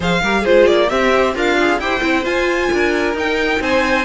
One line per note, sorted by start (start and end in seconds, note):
0.00 0.21 F3
0.00 0.23 G#4
0.00 0.21 C5
0.00 0.45 F5
0.22 0.45 G3
0.22 0.45 G4
0.22 0.41 A#4
0.41 0.88 F4
0.41 0.86 G#4
0.41 0.67 C5
0.47 0.68 G#3
0.67 0.91 A#3
0.67 0.89 D5
0.88 1.10 C4
0.88 1.35 C4
0.88 1.35 G4
0.88 1.34 E5
1.13 1.35 C5
1.35 1.78 D4
1.35 1.80 F4
1.35 1.57 A#4
1.35 1.79 F5
1.60 1.81 G#4
1.78 2.01 E4
1.78 2.01 G4
1.78 2.72 C5
1.78 2.24 G5
2.01 2.25 C4
2.01 2.23 E4
2.23 3.14 F4
2.23 2.70 F4
2.23 3.15 G#5
2.72 3.14 D4
2.72 3.61 A#4
3.14 3.59 D#4
3.14 4.05 D#4
3.14 3.62 G5
3.60 4.05 C4
3.60 4.05 C5
3.60 4.05 G#5